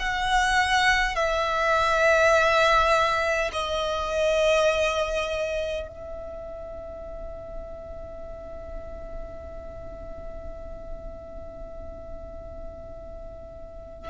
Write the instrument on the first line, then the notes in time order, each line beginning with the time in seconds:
violin
0.00 F#5
1.16 E5
3.53 D#5
5.88 E5